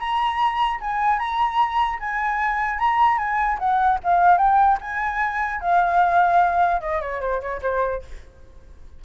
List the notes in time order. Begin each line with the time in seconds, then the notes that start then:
0.00 A#5
0.81 G#5
1.19 A#5
2.00 G#5
2.79 A#5
3.18 G#5
3.59 F#5
4.04 F5
4.38 G5
4.81 G#5
5.61 F5
6.81 D#5
7.01 C#5
7.21 C5
7.41 C#5
7.63 C5